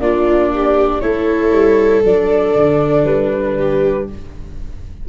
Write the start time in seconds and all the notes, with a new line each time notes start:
0.00 A#3 D4 F4 D5
0.53 G4
1.00 A3 E4 A4 C#5
1.52 G3
2.04 F#3 D4 D5
2.56 D3
3.04 G3 B4
3.58 G4